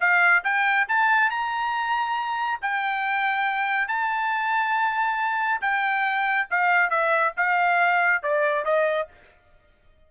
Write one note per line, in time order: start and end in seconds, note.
0.00 0.43 F5
0.44 0.87 G5
0.88 1.30 A5
1.30 2.59 A#5
2.61 3.88 G5
3.88 5.60 A5
5.61 6.47 G5
6.50 6.90 F5
6.90 7.33 E5
7.37 8.22 F5
8.22 8.64 D5
8.64 9.07 D#5